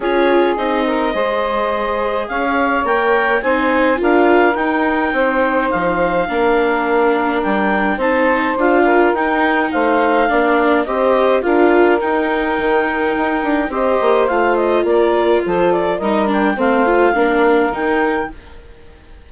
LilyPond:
<<
  \new Staff \with { instrumentName = "clarinet" } { \time 4/4 \tempo 4 = 105 cis''4 dis''2. | f''4 g''4 gis''4 f''4 | g''2 f''2~ | f''4 g''4 a''4 f''4 |
g''4 f''2 dis''4 | f''4 g''2. | dis''4 f''8 dis''8 d''4 c''8 d''8 | dis''8 g''8 f''2 g''4 | }
  \new Staff \with { instrumentName = "saxophone" } { \time 4/4 gis'4. ais'8 c''2 | cis''2 c''4 ais'4~ | ais'4 c''2 ais'4~ | ais'2 c''4. ais'8~ |
ais'4 c''4 d''4 c''4 | ais'1 | c''2 ais'4 a'4 | ais'4 c''4 ais'2 | }
  \new Staff \with { instrumentName = "viola" } { \time 4/4 f'4 dis'4 gis'2~ | gis'4 ais'4 dis'4 f'4 | dis'2. d'4~ | d'2 dis'4 f'4 |
dis'2 d'4 g'4 | f'4 dis'2. | g'4 f'2. | dis'8 d'8 c'8 f'8 d'4 dis'4 | }
  \new Staff \with { instrumentName = "bassoon" } { \time 4/4 cis'4 c'4 gis2 | cis'4 ais4 c'4 d'4 | dis'4 c'4 f4 ais4~ | ais4 g4 c'4 d'4 |
dis'4 a4 ais4 c'4 | d'4 dis'4 dis4 dis'8 d'8 | c'8 ais8 a4 ais4 f4 | g4 a4 ais4 dis4 | }
>>